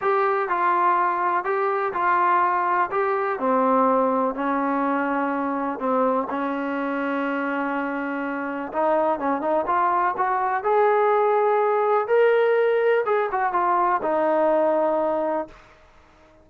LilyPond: \new Staff \with { instrumentName = "trombone" } { \time 4/4 \tempo 4 = 124 g'4 f'2 g'4 | f'2 g'4 c'4~ | c'4 cis'2. | c'4 cis'2.~ |
cis'2 dis'4 cis'8 dis'8 | f'4 fis'4 gis'2~ | gis'4 ais'2 gis'8 fis'8 | f'4 dis'2. | }